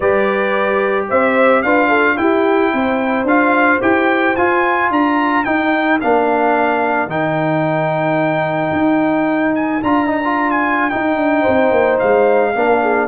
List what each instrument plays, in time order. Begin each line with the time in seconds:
0.00 tuba G3, trombone G4, horn B4, trumpet D5
1.09 tuba C4, horn C5, trumpet E5
1.62 tuba D4, trombone F4, horn B4, trumpet F5
1.88 horn A4
2.17 trombone E4, tuba E4, horn G4, trumpet G5
2.73 tuba C4, horn C5
3.24 tuba D4, trombone F4, trumpet F5
3.81 tuba E4, trombone G4, trumpet G5
4.35 tuba F4, trombone F4, trumpet G#5
4.90 tuba D4, horn A#4, trumpet A#5
5.44 trombone D#4, tuba D#4, trumpet G5
6.00 tuba A#3, trombone D4, trumpet F5
7.07 tuba D#3, trombone D#4, trumpet G5
8.72 tuba D#4
9.55 trumpet G#5
9.82 tuba D4, trombone F4, trumpet A#5
10.07 trombone D#4
10.24 trombone F4
10.51 trumpet G#5
10.89 trombone D#4, tuba D#4, trumpet G5
11.16 tuba D4
11.41 horn C5
11.48 tuba C4
11.71 tuba A#3
11.99 tuba G#3, trumpet F5
12.55 tuba A#3, trombone D4, horn A#4
12.82 horn G#4